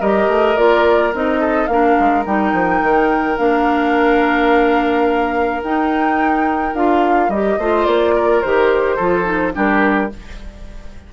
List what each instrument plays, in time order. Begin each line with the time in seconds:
0.00 bassoon G3, clarinet G4, oboe A#4, flute D#5
0.27 bassoon A3
0.56 bassoon A#3, clarinet F4, flute D5
1.13 bassoon C4, clarinet D#4, flute D#5
1.40 oboe A4
1.67 bassoon A#3, clarinet D4, oboe A#4, flute F5
2.00 bassoon G#3
2.25 bassoon G3, clarinet D#4, flute G5
2.52 bassoon F3
2.82 bassoon D#3
3.37 bassoon A#3, clarinet D4, flute F5
5.63 bassoon D#4, clarinet D#4, flute G5
6.73 bassoon D4, clarinet F4, flute F5
7.28 bassoon G3, clarinet G4, flute D#5
7.58 bassoon A3, clarinet F4, oboe C5
7.86 bassoon A#3, flute D5
8.15 oboe A#4
8.41 bassoon D#3, clarinet G4, flute C5
8.96 bassoon F3, clarinet F4, oboe A4
9.24 clarinet D#4
9.53 bassoon G3, clarinet D4, oboe G4, flute A#4